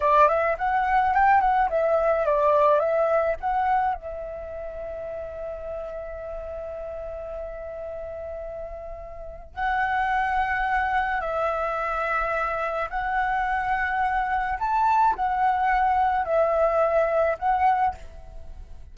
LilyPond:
\new Staff \with { instrumentName = "flute" } { \time 4/4 \tempo 4 = 107 d''8 e''8 fis''4 g''8 fis''8 e''4 | d''4 e''4 fis''4 e''4~ | e''1~ | e''1~ |
e''4 fis''2. | e''2. fis''4~ | fis''2 a''4 fis''4~ | fis''4 e''2 fis''4 | }